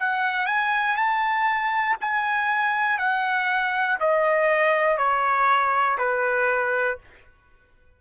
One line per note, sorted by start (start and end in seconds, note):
0.00 0.46 F#5
0.46 0.96 G#5
0.97 1.97 A5
2.01 2.99 G#5
2.99 3.99 F#5
4.00 4.98 D#5
4.98 5.98 C#5
5.99 6.99 B4